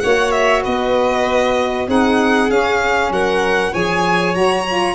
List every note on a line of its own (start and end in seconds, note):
0.00 0.66 A#3
0.00 1.87 F#4
0.00 0.63 C#5
0.00 0.31 F#5
0.31 0.62 E5
0.63 1.88 B3
0.63 1.87 B4
0.63 1.88 D#5
1.87 2.50 C4
1.87 2.48 D#4
1.87 3.12 G#4
1.87 2.50 F#5
2.48 3.71 C#4
2.48 3.10 C#4
2.48 3.12 F5
3.10 3.72 F#3
3.10 3.72 A#4
3.10 3.74 F#5
3.72 4.35 F3
3.72 4.34 G#4
3.72 4.95 C#5
3.72 4.35 G#5
4.34 4.95 F#3
4.34 4.64 F#4
4.34 4.95 A#5
4.68 4.95 F4